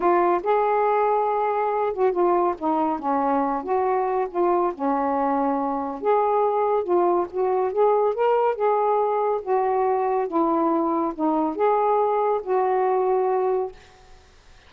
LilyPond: \new Staff \with { instrumentName = "saxophone" } { \time 4/4 \tempo 4 = 140 f'4 gis'2.~ | gis'8 fis'8 f'4 dis'4 cis'4~ | cis'8 fis'4. f'4 cis'4~ | cis'2 gis'2 |
f'4 fis'4 gis'4 ais'4 | gis'2 fis'2 | e'2 dis'4 gis'4~ | gis'4 fis'2. | }